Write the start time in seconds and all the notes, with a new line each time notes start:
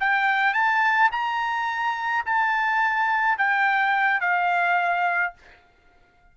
0.00 G5
0.54 A5
1.12 A#5
2.26 A5
3.38 G5
4.21 F5